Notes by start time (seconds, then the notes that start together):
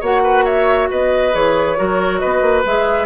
0.00 A#3 F#4 C#5 F#5
0.23 B4
0.44 C#5 E5
0.90 B3 B4 D#5
1.32 E3 G#4 C#5
1.77 F#3 F#4 A#4
2.19 B3 B4 D#5
2.41 A#3
2.66 G#3 G#4 E5